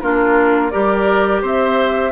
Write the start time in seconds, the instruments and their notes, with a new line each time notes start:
0.00 bassoon A#3, clarinet D4, oboe F4, flute A#4
0.70 bassoon G3, clarinet G4, oboe A#4, flute D5
1.41 bassoon C4, oboe C5, flute E5